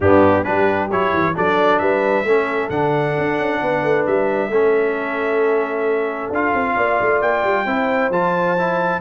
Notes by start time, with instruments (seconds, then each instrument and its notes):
0.00 tuba G2, trombone B3, horn D4, trumpet G4
0.43 tuba G3, trombone D4, horn G4, trumpet B4
0.91 tuba F#3, trombone E4, trumpet C#5
1.13 tuba E3
1.34 tuba F#3, trombone D4, horn A4, trumpet D5
1.78 tuba G3, horn B4, trumpet E5
2.23 tuba A3, trombone C#4, horn A4
2.69 tuba D3, trombone D4, trumpet F#5
3.18 tuba D4
3.38 tuba C#4
3.62 tuba B3, horn B4
3.83 tuba A3
4.06 tuba G3, trumpet E5
4.48 tuba A3, trombone C#4, horn A4
6.29 tuba D4, trombone F4, trumpet F5
6.53 tuba C4
6.74 tuba A#3, horn D5
7.00 tuba A3
7.21 tuba A#3, trumpet G5
7.43 tuba G3
7.65 tuba C4, trombone E4, horn C5
8.09 tuba F3, trombone F4, trumpet A5
8.58 trombone E4